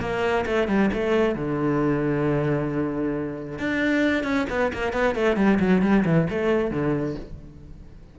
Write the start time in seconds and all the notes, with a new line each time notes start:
0.00 A#3
0.46 A3
0.68 G3
0.93 A3
1.35 D3
3.58 D4
4.23 C#4
4.49 B3
4.73 A#3
4.93 B3
5.15 A3
5.36 G3
5.59 F#3
5.82 G3
6.05 E3
6.30 A3
6.71 D3